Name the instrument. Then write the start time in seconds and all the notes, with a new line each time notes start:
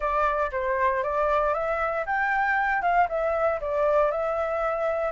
flute
0.00 D5
0.51 C5
1.03 D5
1.53 E5
2.06 G5
2.82 F5
3.08 E5
3.60 D5
4.11 E5